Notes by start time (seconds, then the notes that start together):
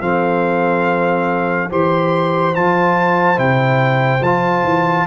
0.00 F3 C4 A4 F5
1.69 E3 G4 C5 C6
2.55 F3 F4 A5
3.35 C3 E4 G5
4.20 F3 F4 A5
4.63 E3